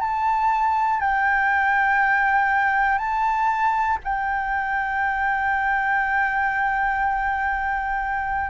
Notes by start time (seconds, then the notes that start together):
0.00 A5
1.00 G5
2.99 A5
4.04 G5